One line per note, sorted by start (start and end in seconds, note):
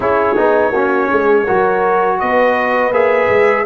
0.00 0.36 C#4
0.00 0.36 E4
0.00 0.71 G#4
0.00 2.19 C#5
0.36 0.72 B3
0.36 0.73 D#4
0.71 1.08 A#3
0.71 1.46 C#4
0.71 1.08 F#4
1.09 1.48 G#3
1.09 1.44 G#4
1.44 2.21 F#3
1.44 2.92 F#4
1.44 2.17 A#4
2.19 2.92 B3
2.19 3.66 B4
2.19 2.93 D#5
2.92 3.28 A#3
2.92 3.65 G#4
2.92 3.66 E5
3.29 3.65 G#3